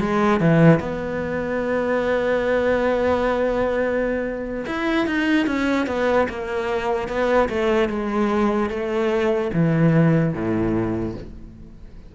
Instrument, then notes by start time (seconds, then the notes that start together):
cello
0.00 G#3
0.41 E3
0.80 B3
4.66 E4
5.07 D#4
5.47 C#4
5.87 B3
6.29 A#3
7.08 B3
7.49 A3
7.89 G#3
8.70 A3
9.53 E3
10.34 A2